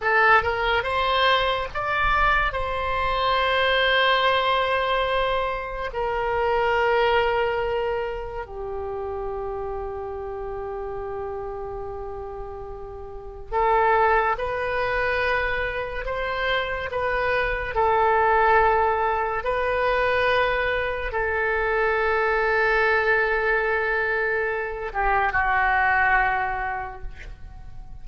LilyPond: \new Staff \with { instrumentName = "oboe" } { \time 4/4 \tempo 4 = 71 a'8 ais'8 c''4 d''4 c''4~ | c''2. ais'4~ | ais'2 g'2~ | g'1 |
a'4 b'2 c''4 | b'4 a'2 b'4~ | b'4 a'2.~ | a'4. g'8 fis'2 | }